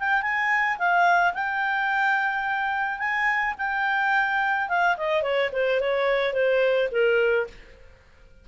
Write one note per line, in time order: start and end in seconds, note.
0.00 0.23 G5
0.23 0.78 G#5
0.79 1.34 F5
1.34 2.99 G5
2.99 3.55 G#5
3.58 4.69 G5
4.69 4.97 F5
4.98 5.23 D#5
5.23 5.51 C#5
5.53 5.81 C5
5.81 6.34 C#5
6.34 6.89 C5
6.92 7.48 A#4